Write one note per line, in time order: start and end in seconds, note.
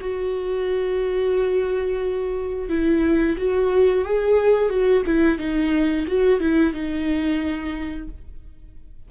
0.00 2.69 F#4
2.69 3.36 E4
3.37 4.04 F#4
4.04 4.69 G#4
4.69 5.03 F#4
5.06 5.38 E4
5.38 6.06 D#4
6.07 6.40 F#4
6.40 6.73 E4
6.73 8.08 D#4